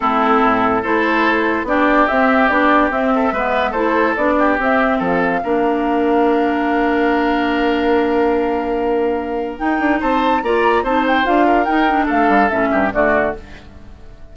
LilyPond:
<<
  \new Staff \with { instrumentName = "flute" } { \time 4/4 \tempo 4 = 144 a'2 c''2 | d''4 e''4 d''4 e''4~ | e''4 c''4 d''4 e''4 | f''1~ |
f''1~ | f''2. g''4 | a''4 ais''4 a''8 g''8 f''4 | g''4 f''4 e''4 d''4 | }
  \new Staff \with { instrumentName = "oboe" } { \time 4/4 e'2 a'2 | g'2.~ g'8 a'8 | b'4 a'4. g'4. | a'4 ais'2.~ |
ais'1~ | ais'1 | c''4 d''4 c''4. ais'8~ | ais'4 a'4. g'8 fis'4 | }
  \new Staff \with { instrumentName = "clarinet" } { \time 4/4 c'2 e'2 | d'4 c'4 d'4 c'4 | b4 e'4 d'4 c'4~ | c'4 d'2.~ |
d'1~ | d'2. dis'4~ | dis'4 f'4 dis'4 f'4 | dis'8 d'4. cis'4 a4 | }
  \new Staff \with { instrumentName = "bassoon" } { \time 4/4 a4 a,4 a2 | b4 c'4 b4 c'4 | gis4 a4 b4 c'4 | f4 ais2.~ |
ais1~ | ais2. dis'8 d'8 | c'4 ais4 c'4 d'4 | dis'4 a8 g8 a,8 g,8 d4 | }
>>